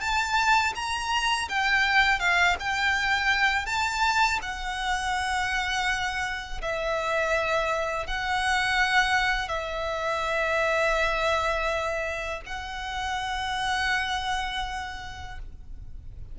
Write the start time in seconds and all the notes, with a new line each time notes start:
0.00 A5
0.75 A#5
1.49 G5
2.19 F5
2.59 G5
3.66 A5
4.42 F#5
6.62 E5
8.07 F#5
9.48 E5
12.46 F#5